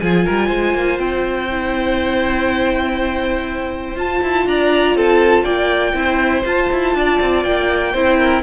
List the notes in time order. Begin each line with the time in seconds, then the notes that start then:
0.00 F3 F4 G#4 G#5
0.25 G3 A#4
0.48 G#3 C5
0.75 A#3
0.99 C4 G5
1.50 E4
3.96 F4 A5
4.23 E4
4.46 D4 D5 A#5
4.96 C4 A4 A5
5.44 A#3 D5 G5
5.94 C4 E4 C5
6.45 F4 A5
6.72 E4
6.95 D4 D5
7.21 C4
7.44 A#3 G5
7.93 C4 E4 C5
8.19 A#4